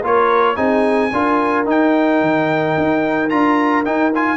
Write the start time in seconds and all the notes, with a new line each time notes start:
0.00 A#3 F4 A#4 C#5
0.56 C4 D#4 G#4 G#5
1.12 D4 F4 A#4
1.65 D#4 G5
2.21 D#3
2.77 D#4
3.29 D4 F4 A#5
3.85 D#4 G5
4.14 F4 G#5